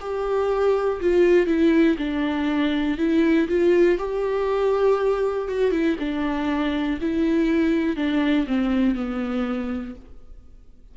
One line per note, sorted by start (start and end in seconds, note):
0.00 1.00 G4
1.00 1.46 F4
1.46 1.96 E4
1.97 2.97 D4
2.97 3.47 E4
3.48 3.98 F4
3.98 5.48 G4
5.48 5.71 F#4
5.71 5.96 E4
5.99 6.99 D4
7.01 7.96 E4
7.96 8.46 D4
8.47 8.95 C4
8.95 9.95 B3